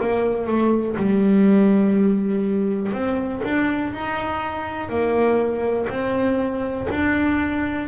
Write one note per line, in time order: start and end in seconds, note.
0.00 0.46 A#3
0.46 0.96 A3
0.97 2.92 G3
2.92 3.42 C4
3.44 3.93 D4
3.93 4.89 D#4
4.89 5.87 A#3
5.89 6.87 C4
6.90 7.88 D4